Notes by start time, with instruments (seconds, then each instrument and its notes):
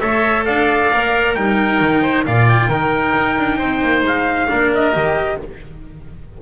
0.00 double bass A3, cello A4, oboe C#5, trumpet E5
0.46 double bass D4, oboe D5, trumpet F5
0.92 double bass A#3, cello A#4
1.35 double bass G3, cello D#4, oboe A#4, trumpet G5
1.81 double bass D#3
2.02 oboe C5
2.26 double bass A#2, cello F4, oboe D5, trumpet F5
2.49 trumpet G5
2.69 double bass D#3, cello D#4, oboe A#4
3.15 double bass D#4
3.38 double bass D4
3.58 double bass C4, oboe C5
3.83 double bass A#3
4.03 double bass G#3, trumpet F5
4.48 double bass A#3, cello D4, oboe A#4
4.75 trumpet D#5
4.92 double bass D#3, cello G4